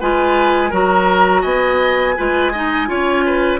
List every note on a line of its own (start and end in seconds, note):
0.00 0.72 G#3
0.00 0.71 F4
0.00 0.70 B4
0.00 0.73 G#5
0.70 1.44 F#3
0.70 2.16 F#4
0.70 1.42 A#4
0.70 1.42 A#5
1.42 2.16 B3
1.42 2.14 D#5
1.42 3.59 G#5
2.17 2.89 G#3
2.17 2.53 F4
2.17 2.52 B4
2.52 2.87 D#4
2.52 2.88 D#5
2.87 3.60 C#4
2.87 3.59 F4
2.87 3.25 C#5
3.25 3.60 B4